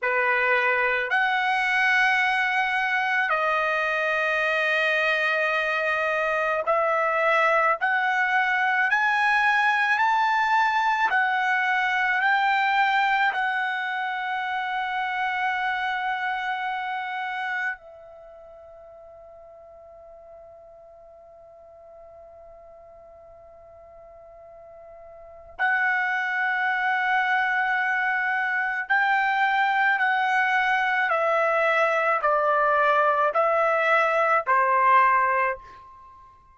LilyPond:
\new Staff \with { instrumentName = "trumpet" } { \time 4/4 \tempo 4 = 54 b'4 fis''2 dis''4~ | dis''2 e''4 fis''4 | gis''4 a''4 fis''4 g''4 | fis''1 |
e''1~ | e''2. fis''4~ | fis''2 g''4 fis''4 | e''4 d''4 e''4 c''4 | }